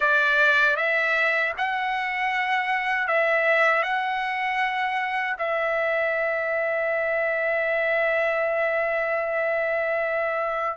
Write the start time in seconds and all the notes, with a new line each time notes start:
0.00 D5
0.76 E5
1.57 F#5
3.07 E5
3.82 F#5
5.38 E5